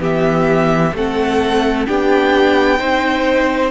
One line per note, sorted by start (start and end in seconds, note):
0.00 0.92 E3
0.00 0.92 B3
0.00 0.93 G4
0.00 0.96 E5
0.94 1.86 A3
0.94 1.87 C4
0.94 1.87 A4
0.94 1.87 F#5
1.87 2.81 B3
1.87 2.78 D4
1.87 2.79 G4
1.87 3.71 G5
2.78 3.71 C4
2.78 3.71 D#4
2.78 3.71 C5